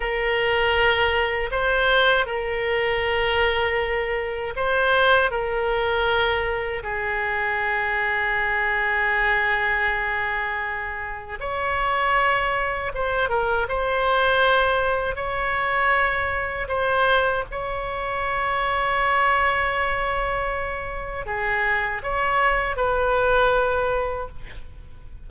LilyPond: \new Staff \with { instrumentName = "oboe" } { \time 4/4 \tempo 4 = 79 ais'2 c''4 ais'4~ | ais'2 c''4 ais'4~ | ais'4 gis'2.~ | gis'2. cis''4~ |
cis''4 c''8 ais'8 c''2 | cis''2 c''4 cis''4~ | cis''1 | gis'4 cis''4 b'2 | }